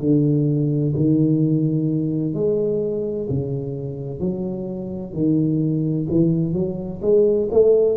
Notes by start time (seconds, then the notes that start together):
0.00 D3
0.96 D#3
2.34 G#3
3.30 C#3
4.20 F#3
5.13 D#3
6.10 E3
6.53 F#3
7.02 G#3
7.51 A3